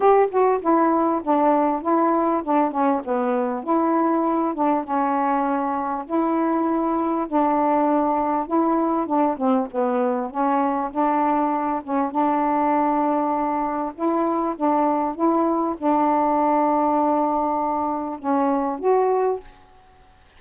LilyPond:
\new Staff \with { instrumentName = "saxophone" } { \time 4/4 \tempo 4 = 99 g'8 fis'8 e'4 d'4 e'4 | d'8 cis'8 b4 e'4. d'8 | cis'2 e'2 | d'2 e'4 d'8 c'8 |
b4 cis'4 d'4. cis'8 | d'2. e'4 | d'4 e'4 d'2~ | d'2 cis'4 fis'4 | }